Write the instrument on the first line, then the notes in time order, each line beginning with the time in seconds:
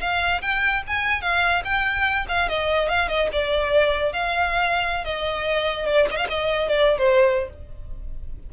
violin
0.00 F5
0.41 G5
0.87 G#5
1.21 F5
1.64 G5
2.28 F5
2.49 D#5
2.88 F5
3.08 D#5
3.32 D5
4.12 F5
5.04 D#5
5.86 D5
6.11 D#5 F5
6.29 D#5
6.68 D5
6.98 C5